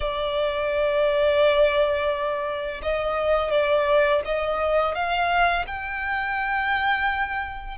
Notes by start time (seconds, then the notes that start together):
0.00 D5
2.82 D#5
3.50 D5
4.24 D#5
4.94 F5
5.66 G5